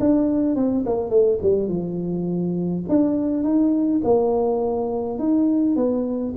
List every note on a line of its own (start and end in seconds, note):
0.00 0.55 D4
0.55 0.84 C4
0.86 1.10 A#3
1.10 1.39 A3
1.42 1.68 G3
1.68 2.84 F3
2.89 3.43 D4
3.43 4.01 D#4
4.04 5.19 A#3
5.19 5.76 D#4
5.76 6.34 B3